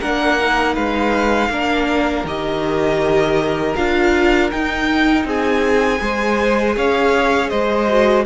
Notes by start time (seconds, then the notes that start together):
0.00 A#3 D4 A#4 F#5
0.40 D#4
0.74 G#3 B4 F5
1.49 A#3 D4 A#4
2.24 D#3 G4 D#5
3.75 D4 F4 F5
4.50 D#4 G5
5.24 C4 G#4 G#5
5.98 G#3 G#4 C5
6.76 C#4 C#5 F5
7.49 G#3 C5 D#5
7.88 F#4